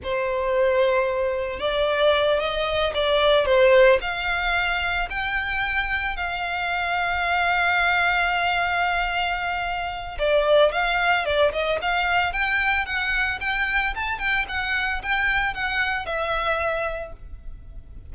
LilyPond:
\new Staff \with { instrumentName = "violin" } { \time 4/4 \tempo 4 = 112 c''2. d''4~ | d''8 dis''4 d''4 c''4 f''8~ | f''4. g''2 f''8~ | f''1~ |
f''2. d''4 | f''4 d''8 dis''8 f''4 g''4 | fis''4 g''4 a''8 g''8 fis''4 | g''4 fis''4 e''2 | }